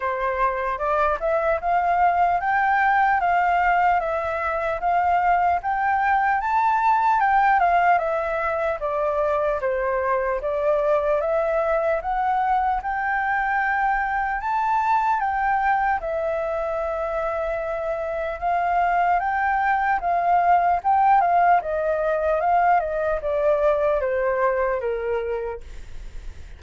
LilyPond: \new Staff \with { instrumentName = "flute" } { \time 4/4 \tempo 4 = 75 c''4 d''8 e''8 f''4 g''4 | f''4 e''4 f''4 g''4 | a''4 g''8 f''8 e''4 d''4 | c''4 d''4 e''4 fis''4 |
g''2 a''4 g''4 | e''2. f''4 | g''4 f''4 g''8 f''8 dis''4 | f''8 dis''8 d''4 c''4 ais'4 | }